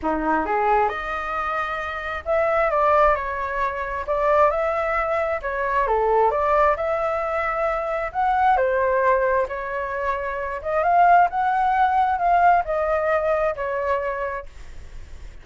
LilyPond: \new Staff \with { instrumentName = "flute" } { \time 4/4 \tempo 4 = 133 dis'4 gis'4 dis''2~ | dis''4 e''4 d''4 cis''4~ | cis''4 d''4 e''2 | cis''4 a'4 d''4 e''4~ |
e''2 fis''4 c''4~ | c''4 cis''2~ cis''8 dis''8 | f''4 fis''2 f''4 | dis''2 cis''2 | }